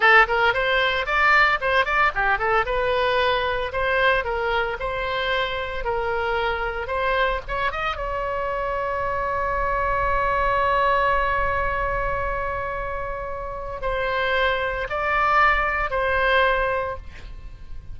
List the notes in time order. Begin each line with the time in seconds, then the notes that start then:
0.00 A4
0.27 A#4
0.53 C5
1.05 D5
1.60 C5
1.85 D5
2.14 G4
2.38 A4
2.65 B4
3.72 C5
4.24 A#4
4.79 C5
5.84 A#4
6.87 C5
7.47 C#5
7.71 D#5
7.96 C#5
13.81 C5
14.89 D5
15.90 C5